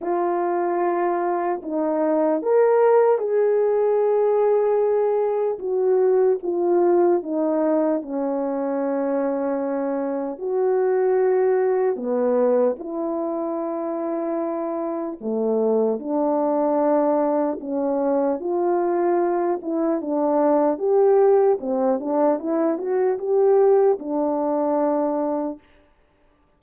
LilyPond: \new Staff \with { instrumentName = "horn" } { \time 4/4 \tempo 4 = 75 f'2 dis'4 ais'4 | gis'2. fis'4 | f'4 dis'4 cis'2~ | cis'4 fis'2 b4 |
e'2. a4 | d'2 cis'4 f'4~ | f'8 e'8 d'4 g'4 c'8 d'8 | e'8 fis'8 g'4 d'2 | }